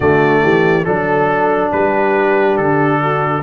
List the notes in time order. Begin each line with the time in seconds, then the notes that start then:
0.00 D3 A3 F#4 D5
0.42 E3 G4
0.84 F#3 D4 A4
1.72 G3 G4 B4
2.57 D3 A4
3.02 F#4